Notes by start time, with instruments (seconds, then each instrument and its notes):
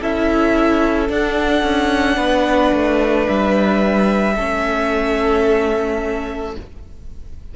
0.00 cello C#4, viola E4, violin A4 E5
1.09 viola D4, cello D4, violin F#5
1.63 cello C#4
2.16 cello B3, violin B4
2.73 cello A3
3.28 cello G3, violin E5
4.36 cello A3, viola C#4, violin A4